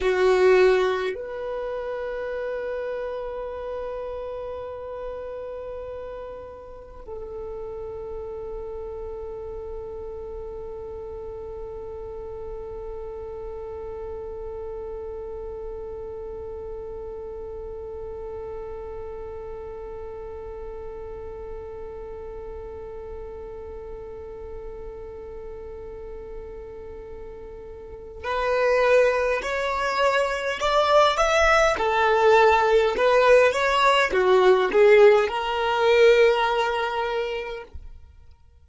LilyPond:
\new Staff \with { instrumentName = "violin" } { \time 4/4 \tempo 4 = 51 fis'4 b'2.~ | b'2 a'2~ | a'1~ | a'1~ |
a'1~ | a'1 | b'4 cis''4 d''8 e''8 a'4 | b'8 cis''8 fis'8 gis'8 ais'2 | }